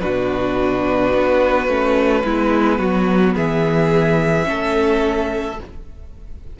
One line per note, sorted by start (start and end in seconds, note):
0.00 1.13 B2
0.00 1.68 D4
0.00 2.25 F#4
0.00 3.33 B4
1.13 1.68 B3
1.68 2.23 A3
1.68 2.24 C#4
2.24 2.79 G#3
2.24 4.44 B3
2.24 2.79 E4
2.79 3.35 F#3
2.79 3.34 F#4
3.35 4.48 E3
3.35 4.46 G#4
3.35 5.59 E5
4.44 5.59 A3
4.44 5.55 C#4
4.44 5.60 A4